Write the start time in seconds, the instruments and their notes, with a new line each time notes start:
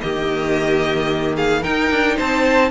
0.00 cello D#3, viola A#3, violin G4 D#5
1.35 violin G#4 F5
1.62 viola D#4, cello D#4, violin A#4 G5
1.90 cello D4
2.16 cello C4, violin C5 A5